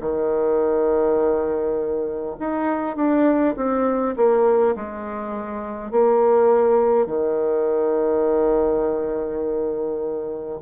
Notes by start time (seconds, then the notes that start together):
0.00 D#3
2.40 D#4
2.96 D4
3.56 C4
4.16 A#3
4.75 G#3
5.91 A#3
7.06 D#3